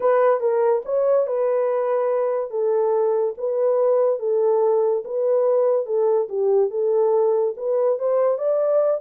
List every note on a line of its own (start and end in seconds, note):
0.00 0.40 B4
0.40 0.82 A#4
0.85 1.26 C#5
1.26 2.50 B4
2.50 3.34 A4
3.37 4.19 B4
4.19 5.03 A4
5.05 5.86 B4
5.86 6.27 A4
6.28 6.70 G4
6.70 7.54 A4
7.57 7.98 B4
7.98 8.37 C5
8.37 9.00 D5